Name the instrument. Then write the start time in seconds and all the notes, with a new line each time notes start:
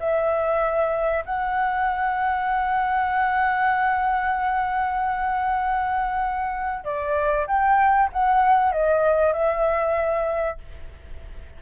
flute
0.00 E5
1.26 F#5
6.85 D5
7.48 G5
8.13 F#5
8.72 D#5
9.34 E5